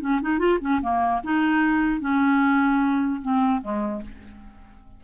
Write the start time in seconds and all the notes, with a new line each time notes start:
0.00 C#4
0.21 D#4
0.38 F4
0.60 C#4
0.81 A#3
1.23 D#4
2.00 C#4
3.21 C4
3.61 G#3